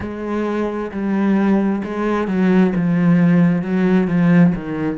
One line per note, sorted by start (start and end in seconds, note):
0.00 0.91 G#3
0.91 1.82 G3
1.84 2.27 G#3
2.27 2.73 F#3
2.75 3.62 F3
3.62 4.07 F#3
4.07 4.52 F3
4.55 4.98 D#3